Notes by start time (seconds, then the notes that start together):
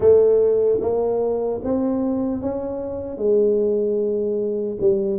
0.00 A3
0.80 A#3
1.64 C4
2.41 C#4
3.17 G#3
4.80 G3